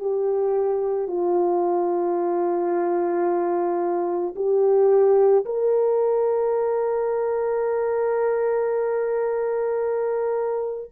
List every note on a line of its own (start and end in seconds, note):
0.00 1.08 G4
1.08 4.35 F4
4.36 5.45 G4
5.45 10.91 A#4